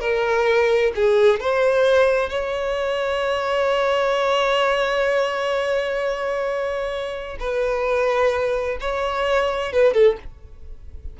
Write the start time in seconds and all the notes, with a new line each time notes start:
0.00 A#4
0.95 G#4
1.40 C5
2.29 C#5
7.39 B4
8.80 C#5
9.72 B4
9.94 A4